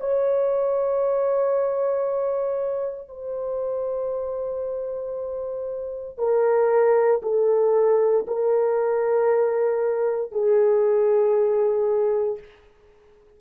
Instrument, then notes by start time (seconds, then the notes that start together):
horn
0.00 C#5
3.08 C5
6.18 A#4
7.22 A4
8.27 A#4
10.31 G#4